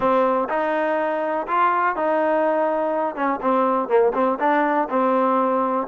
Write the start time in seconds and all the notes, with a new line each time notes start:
0.00 C4
0.49 D#4
1.47 F4
1.96 D#4
3.15 C#4
3.41 C4
3.88 A#3
4.14 C4
4.39 D4
4.89 C4